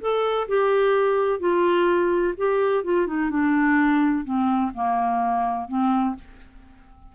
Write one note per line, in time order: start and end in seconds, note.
0.00 0.47 A4
0.48 1.39 G4
1.39 2.34 F4
2.37 2.84 G4
2.84 3.07 F4
3.07 3.30 D#4
3.30 4.24 D4
4.24 4.71 C4
4.74 5.68 A#3
5.68 6.15 C4